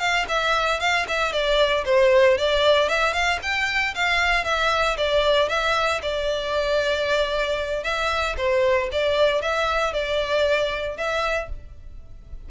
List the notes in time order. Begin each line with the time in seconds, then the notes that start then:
0.00 F5
0.29 E5
0.80 F5
1.08 E5
1.33 D5
1.86 C5
2.38 D5
2.90 E5
3.14 F5
3.43 G5
3.95 F5
4.45 E5
4.98 D5
5.49 E5
6.03 D5
7.84 E5
8.37 C5
8.92 D5
9.42 E5
9.94 D5
10.98 E5